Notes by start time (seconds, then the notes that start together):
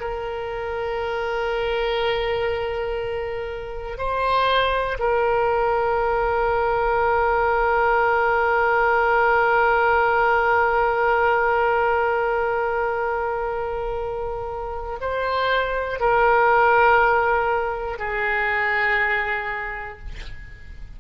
0.00 A#4
3.98 C5
4.99 A#4
15.01 C5
16.00 A#4
17.99 G#4